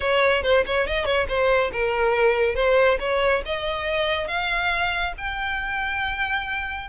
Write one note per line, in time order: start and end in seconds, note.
0.00 0.42 C#5
0.42 0.64 C5
0.66 0.87 C#5
0.87 1.05 D#5
1.05 1.26 C#5
1.28 1.71 C5
1.72 2.55 A#4
2.55 2.98 C5
2.99 3.42 C#5
3.45 4.27 D#5
4.27 5.13 F5
5.17 6.88 G5